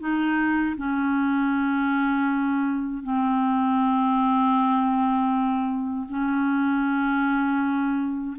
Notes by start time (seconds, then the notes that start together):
0.00 D#4
0.77 C#4
3.03 C4
6.09 C#4